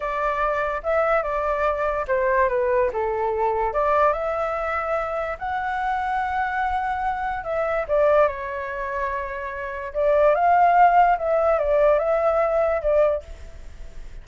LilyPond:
\new Staff \with { instrumentName = "flute" } { \time 4/4 \tempo 4 = 145 d''2 e''4 d''4~ | d''4 c''4 b'4 a'4~ | a'4 d''4 e''2~ | e''4 fis''2.~ |
fis''2 e''4 d''4 | cis''1 | d''4 f''2 e''4 | d''4 e''2 d''4 | }